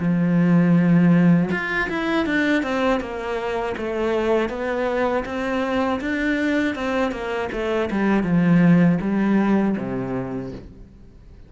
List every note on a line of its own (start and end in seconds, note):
0.00 1.50 F3
1.52 1.89 F4
1.90 2.26 E4
2.26 2.63 D4
2.63 3.01 C4
3.01 3.76 A#3
3.78 4.49 A3
4.49 5.24 B3
5.25 6.00 C4
6.01 6.76 D4
6.76 7.12 C4
7.12 7.49 A#3
7.53 7.90 A3
7.91 8.24 G3
8.24 8.99 F3
9.01 9.76 G3
9.77 10.52 C3